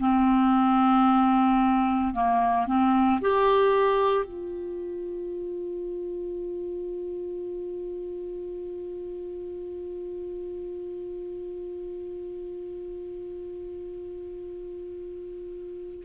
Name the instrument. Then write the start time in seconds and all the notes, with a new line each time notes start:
clarinet
0.00 C4
2.14 A#3
2.67 C4
3.21 G4
4.26 F4